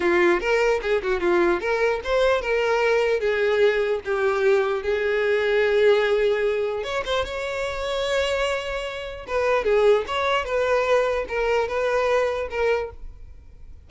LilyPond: \new Staff \with { instrumentName = "violin" } { \time 4/4 \tempo 4 = 149 f'4 ais'4 gis'8 fis'8 f'4 | ais'4 c''4 ais'2 | gis'2 g'2 | gis'1~ |
gis'4 cis''8 c''8 cis''2~ | cis''2. b'4 | gis'4 cis''4 b'2 | ais'4 b'2 ais'4 | }